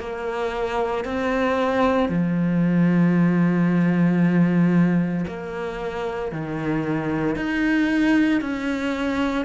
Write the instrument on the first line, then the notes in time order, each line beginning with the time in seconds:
cello
0.00 A#3
1.05 C4
2.10 F3
5.28 A#3
6.32 D#3
7.36 D#4
8.42 C#4